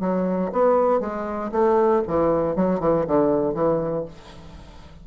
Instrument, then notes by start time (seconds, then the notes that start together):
bassoon
0.00 F#3
0.52 B3
1.00 G#3
1.52 A3
2.07 E3
2.56 F#3
2.80 E3
3.07 D3
3.54 E3